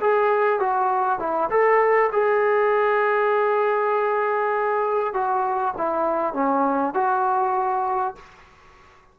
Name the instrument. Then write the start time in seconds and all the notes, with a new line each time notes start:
trombone
0.00 G#4
0.60 F#4
1.19 E4
1.50 A4
2.12 G#4
5.13 F#4
5.78 E4
6.33 C#4
6.94 F#4